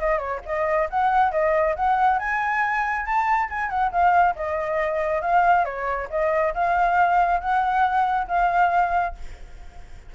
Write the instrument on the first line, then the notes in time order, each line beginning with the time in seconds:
flute
0.00 D#5
0.19 C#5
0.46 D#5
0.90 F#5
1.32 D#5
1.76 F#5
2.19 G#5
3.06 A5
3.50 G#5
3.70 F#5
3.92 F5
4.36 D#5
5.22 F5
5.65 C#5
6.10 D#5
6.55 F5
7.41 F#5
8.28 F5